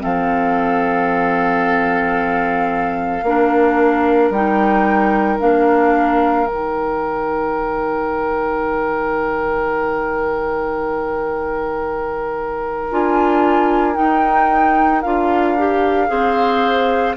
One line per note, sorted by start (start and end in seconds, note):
0.00 3.23 F3
0.00 3.21 C4
0.00 3.25 A4
0.00 4.31 F5
3.23 4.30 A#3
3.23 4.34 D4
3.23 16.10 A#4
4.30 5.37 G3
4.30 5.40 D#4
4.30 5.39 G5
5.40 6.47 A#3
5.40 6.47 D4
5.40 6.47 F5
6.47 12.90 D#3
6.47 12.90 D#4
6.47 12.90 G5
12.91 13.97 D4
12.91 13.95 F4
12.91 13.96 G#5
13.95 15.02 D#4
13.95 15.04 D#4
13.95 15.02 G5
15.02 16.10 D4
15.02 15.58 F4
15.02 17.16 F5
15.58 16.08 G4
16.08 17.17 C4
16.08 17.15 G#4
16.08 17.17 C5